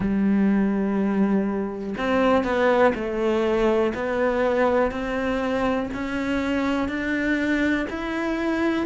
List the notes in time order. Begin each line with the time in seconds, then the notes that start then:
0.00 G3
1.97 C4
2.44 B3
2.94 A3
3.94 B3
4.91 C4
5.93 C#4
6.88 D4
7.89 E4